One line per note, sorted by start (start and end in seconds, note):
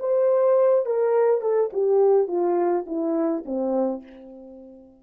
0.00 0.86 C5
0.86 1.42 A#4
1.42 1.71 A4
1.73 2.28 G4
2.28 2.86 F4
2.87 3.45 E4
3.46 4.03 C4